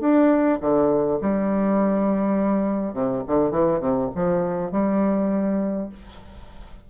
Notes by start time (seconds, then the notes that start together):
0.00 D4
0.60 D3
1.21 G3
2.93 C3
3.27 D3
3.51 E3
3.80 C3
4.15 F3
4.71 G3